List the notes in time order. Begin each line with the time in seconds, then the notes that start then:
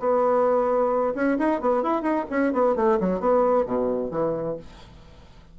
0.00 B3
1.15 C#4
1.39 D#4
1.61 B3
1.83 E4
2.02 D#4
2.30 C#4
2.53 B3
2.76 A3
3.00 F#3
3.20 B3
3.66 B2
4.11 E3